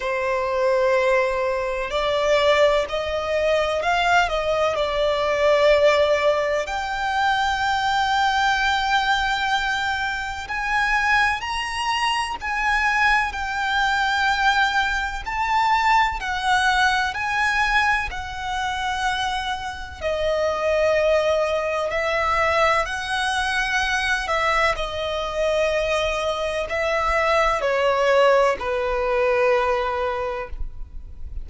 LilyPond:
\new Staff \with { instrumentName = "violin" } { \time 4/4 \tempo 4 = 63 c''2 d''4 dis''4 | f''8 dis''8 d''2 g''4~ | g''2. gis''4 | ais''4 gis''4 g''2 |
a''4 fis''4 gis''4 fis''4~ | fis''4 dis''2 e''4 | fis''4. e''8 dis''2 | e''4 cis''4 b'2 | }